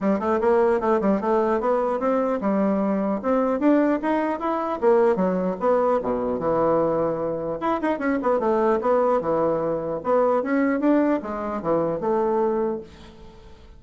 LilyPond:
\new Staff \with { instrumentName = "bassoon" } { \time 4/4 \tempo 4 = 150 g8 a8 ais4 a8 g8 a4 | b4 c'4 g2 | c'4 d'4 dis'4 e'4 | ais4 fis4 b4 b,4 |
e2. e'8 dis'8 | cis'8 b8 a4 b4 e4~ | e4 b4 cis'4 d'4 | gis4 e4 a2 | }